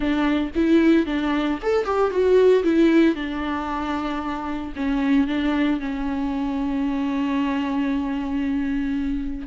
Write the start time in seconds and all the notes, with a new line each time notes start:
0.00 D4
0.55 E4
1.06 D4
1.62 A4
1.84 G4
2.10 F#4
2.63 E4
3.15 D4
4.76 C#4
5.27 D4
5.80 C#4